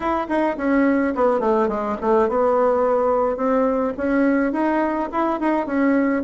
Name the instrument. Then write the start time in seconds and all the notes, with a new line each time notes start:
bassoon
0.00 E4
0.28 D#4
0.57 C#4
1.15 B3
1.40 A3
1.68 G#3
2.01 A3
2.28 B3
3.36 C4
3.97 C#4
4.52 D#4
5.11 E4
5.40 D#4
5.66 C#4